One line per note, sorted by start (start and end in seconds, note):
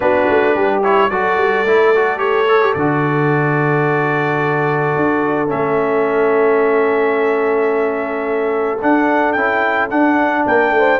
0.00 0.28 B3
0.00 0.82 D4
0.00 0.55 F#4
0.00 0.81 B4
0.29 0.55 A3
0.55 1.10 G3
0.55 1.10 G4
0.83 1.11 E4
0.83 1.10 C#5
1.10 1.37 F#3
1.10 1.66 F#4
1.10 10.46 A4
1.10 2.18 D5
1.37 1.64 G3
1.64 2.74 A3
1.64 1.94 E4
1.95 2.17 F#4
2.17 2.45 G4
2.17 2.73 C#5
2.48 2.62 A4
2.62 2.75 G4
2.74 4.95 D3
2.74 5.47 F#4
2.74 5.49 D5
4.96 5.51 D4
5.47 8.82 A3
5.47 8.77 C#4
5.47 8.80 E5
8.82 9.35 D4
8.82 9.36 D4
8.82 9.32 F#5
9.32 9.90 C#4
9.32 9.90 E4
9.32 9.87 G5
9.90 10.45 D4
9.90 10.99 D4
9.90 10.45 F#5
10.46 10.71 A#3
10.46 10.74 A#4
10.46 10.99 G5
10.71 10.98 A3
10.78 10.99 C5